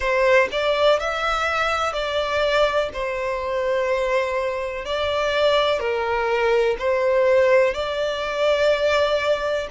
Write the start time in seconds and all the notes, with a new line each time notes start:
0.00 C5
0.51 D5
0.99 E5
1.92 D5
2.93 C5
4.85 D5
5.79 A#4
6.78 C5
7.74 D5